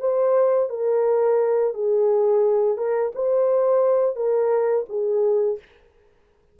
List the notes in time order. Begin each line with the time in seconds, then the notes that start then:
0.00 C5
0.70 A#4
1.74 G#4
2.77 A#4
3.15 C5
4.16 A#4
4.89 G#4